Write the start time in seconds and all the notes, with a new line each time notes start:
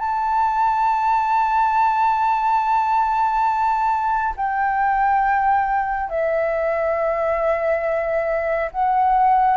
0.00 A5
4.37 G5
6.10 E5
8.72 F#5